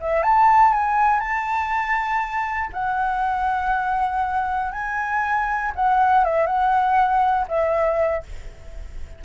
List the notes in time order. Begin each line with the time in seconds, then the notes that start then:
0.00 E5
0.23 A5
0.72 G#5
1.20 A5
2.73 F#5
4.72 G#5
5.75 F#5
6.24 E5
6.46 F#5
7.48 E5